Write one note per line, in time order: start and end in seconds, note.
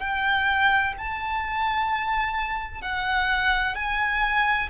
0.00 0.94 G5
0.98 2.82 A5
2.82 3.75 F#5
3.75 4.69 G#5